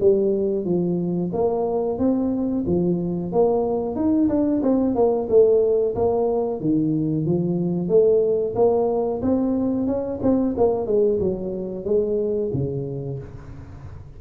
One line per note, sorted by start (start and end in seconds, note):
0.00 0.65 G3
0.65 1.31 F3
1.33 1.99 A#3
1.99 2.65 C4
2.66 3.32 F3
3.32 3.96 A#3
3.96 4.29 D#4
4.29 4.62 D4
4.62 4.95 C4
4.95 5.28 A#3
5.29 5.95 A3
5.95 6.61 A#3
6.61 7.26 D#3
7.26 7.89 F3
7.89 8.54 A3
8.55 9.21 A#3
9.22 9.87 C4
9.87 10.20 C#4
10.22 10.55 C4
10.57 10.86 A#3
10.86 11.19 G#3
11.20 11.85 F#3
11.85 12.51 G#3
12.53 13.19 C#3